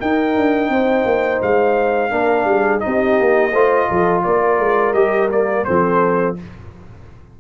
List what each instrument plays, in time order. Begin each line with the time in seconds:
0.00 tuba D#4, trombone D#4, horn A#4, trumpet G5
0.37 tuba D4
0.69 tuba C4, horn C5
1.05 tuba A#3
1.43 tuba G#3, trumpet F5
2.11 tuba A#3, trombone D4, horn A#4
2.45 tuba G3, horn G#4
2.80 tuba C4, trombone D#4, horn G4, trumpet D#5
3.20 tuba A#3
3.53 tuba A3, trombone F4, horn C5
3.88 tuba F3, horn A4
4.24 tuba A#3, horn A#4, trumpet D5
4.59 tuba G#3
4.94 tuba G3, trombone G4, trumpet D#5
5.31 trombone A#3, trumpet D5
5.65 tuba F3, trombone C4, horn A4, trumpet C5